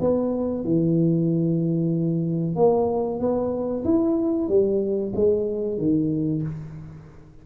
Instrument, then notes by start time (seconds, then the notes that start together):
tuba
0.00 B3
0.64 E3
2.55 A#3
3.19 B3
3.84 E4
4.48 G3
5.15 G#3
5.78 D#3